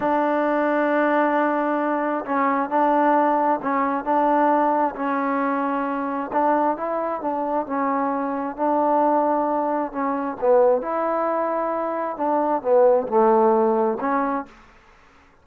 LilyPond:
\new Staff \with { instrumentName = "trombone" } { \time 4/4 \tempo 4 = 133 d'1~ | d'4 cis'4 d'2 | cis'4 d'2 cis'4~ | cis'2 d'4 e'4 |
d'4 cis'2 d'4~ | d'2 cis'4 b4 | e'2. d'4 | b4 a2 cis'4 | }